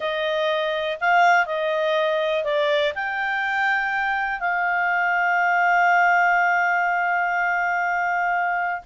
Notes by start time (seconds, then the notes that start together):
0.00 D#5
1.00 F5
1.46 D#5
2.43 D5
2.94 G5
4.39 F5